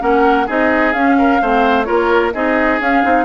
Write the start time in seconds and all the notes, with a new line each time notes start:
0.00 A#3 C#4 A#4 F#5
0.47 C4 D#4 G#4 D#5
0.93 C#4 F5
1.19 A#4
1.42 A3 C4 C5
1.85 A#3 F4 A#4 C#5
2.34 C4 D#4 G#4 D#5
2.80 C#4 F5
3.04 C4 D#4